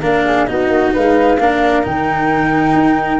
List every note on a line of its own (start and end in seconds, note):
0.00 0.48 A#3
0.00 0.47 D4
0.00 0.23 A#4
0.00 0.46 F5
0.24 0.47 G#4
0.46 0.68 B3
0.46 1.38 D#4
0.46 0.93 F#4
0.46 0.91 D#5
0.68 0.91 A#3
0.93 1.38 G#3
0.93 1.39 B4
0.93 1.84 F5
1.38 1.84 A#3
1.38 1.82 D4
1.38 3.20 A#4
1.82 2.74 D#3
1.82 3.19 D#4
1.82 3.20 G5
2.74 3.19 D#4